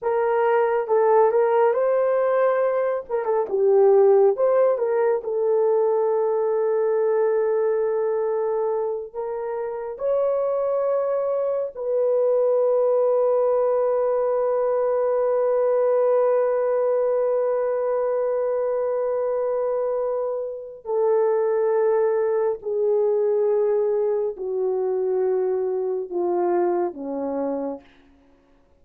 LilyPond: \new Staff \with { instrumentName = "horn" } { \time 4/4 \tempo 4 = 69 ais'4 a'8 ais'8 c''4. ais'16 a'16 | g'4 c''8 ais'8 a'2~ | a'2~ a'8 ais'4 cis''8~ | cis''4. b'2~ b'8~ |
b'1~ | b'1 | a'2 gis'2 | fis'2 f'4 cis'4 | }